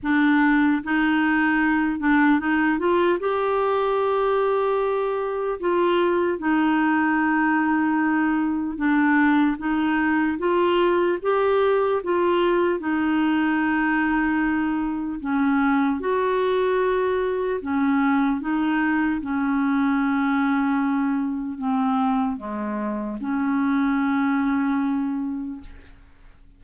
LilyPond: \new Staff \with { instrumentName = "clarinet" } { \time 4/4 \tempo 4 = 75 d'4 dis'4. d'8 dis'8 f'8 | g'2. f'4 | dis'2. d'4 | dis'4 f'4 g'4 f'4 |
dis'2. cis'4 | fis'2 cis'4 dis'4 | cis'2. c'4 | gis4 cis'2. | }